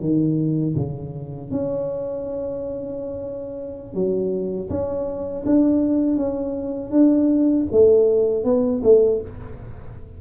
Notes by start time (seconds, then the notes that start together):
0.00 D#3
0.76 C#3
1.51 C#4
3.94 F#3
4.69 C#4
5.46 D4
6.16 C#4
6.91 D4
7.71 A3
8.44 B3
8.83 A3